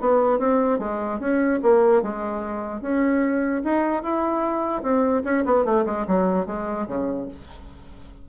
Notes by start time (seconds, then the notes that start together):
0.00 B3
0.39 C4
0.79 G#3
1.19 C#4
1.62 A#3
2.02 G#3
2.81 C#4
3.64 D#4
4.02 E4
4.82 C4
5.24 C#4
5.45 B3
5.65 A3
5.85 G#3
6.07 F#3
6.46 G#3
6.87 C#3